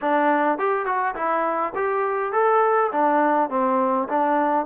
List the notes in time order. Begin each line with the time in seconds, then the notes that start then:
0.01 D4
0.58 G4
0.85 F#4
1.15 E4
1.75 G4
2.32 A4
2.92 D4
3.50 C4
4.09 D4